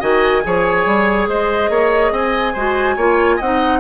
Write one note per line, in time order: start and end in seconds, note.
0.00 0.44 D#3
0.00 0.43 F#4
0.00 0.42 D#5
0.00 1.28 G#5
0.43 0.86 F3
0.43 2.55 G#4
0.43 1.29 C#5
0.86 1.28 G3
1.28 1.70 G#3
1.28 1.71 C5
1.28 2.14 D#5
1.70 2.12 A#3
1.70 2.12 C#5
2.12 2.54 C4
2.12 2.53 D#5
2.12 3.40 G#5
2.53 2.97 G#3
2.53 2.98 F#4
2.53 2.95 C5
2.96 3.39 A#3
2.96 3.40 F4
2.96 3.37 C#5
3.37 3.80 C4
3.37 3.79 D#5
3.37 3.80 F#5
3.43 3.80 D#4